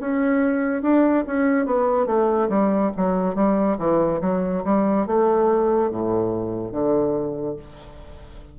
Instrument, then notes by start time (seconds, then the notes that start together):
bassoon
0.00 C#4
0.82 D4
1.26 C#4
1.66 B3
2.06 A3
2.49 G3
2.97 F#3
3.35 G3
3.78 E3
4.21 F#3
4.64 G3
5.07 A3
5.90 A2
6.71 D3